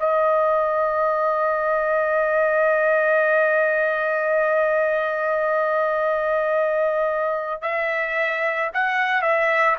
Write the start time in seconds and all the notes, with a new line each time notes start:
0.00 D#5
7.62 E5
8.74 F#5
9.22 E5